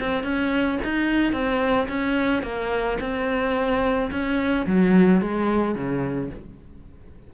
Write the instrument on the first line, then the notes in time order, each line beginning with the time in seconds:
cello
0.00 C4
0.24 C#4
0.84 D#4
1.33 C4
1.88 C#4
2.43 A#3
3.01 C4
4.11 C#4
4.66 F#3
5.21 G#3
5.75 C#3